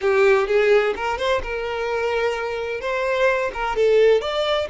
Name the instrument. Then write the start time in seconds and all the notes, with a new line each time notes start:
violin
0.01 G4
0.47 G#4
0.95 A#4
1.18 C5
1.42 A#4
2.81 C5
3.53 A#4
3.76 A4
4.21 D5